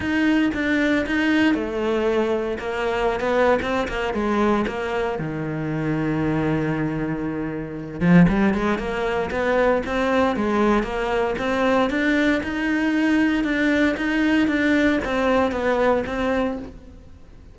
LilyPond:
\new Staff \with { instrumentName = "cello" } { \time 4/4 \tempo 4 = 116 dis'4 d'4 dis'4 a4~ | a4 ais4~ ais16 b8. c'8 ais8 | gis4 ais4 dis2~ | dis2.~ dis8 f8 |
g8 gis8 ais4 b4 c'4 | gis4 ais4 c'4 d'4 | dis'2 d'4 dis'4 | d'4 c'4 b4 c'4 | }